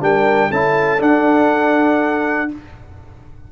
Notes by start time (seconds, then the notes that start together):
0.00 G3 D4 A#4 G5
0.49 C#4 E4 A4 A5
0.98 D4 F#5